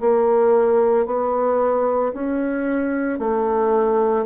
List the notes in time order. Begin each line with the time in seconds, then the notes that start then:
0.00 A#3
1.05 B3
2.13 C#4
3.19 A3